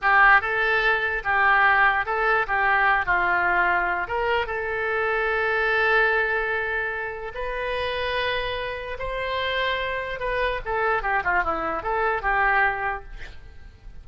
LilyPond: \new Staff \with { instrumentName = "oboe" } { \time 4/4 \tempo 4 = 147 g'4 a'2 g'4~ | g'4 a'4 g'4. f'8~ | f'2 ais'4 a'4~ | a'1~ |
a'2 b'2~ | b'2 c''2~ | c''4 b'4 a'4 g'8 f'8 | e'4 a'4 g'2 | }